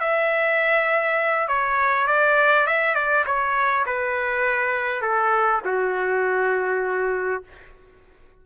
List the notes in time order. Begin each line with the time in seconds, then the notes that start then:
0.00 E5
1.48 C#5
2.07 D5
2.67 E5
2.94 D5
3.26 C#5
3.86 B4
5.02 A4
5.65 F#4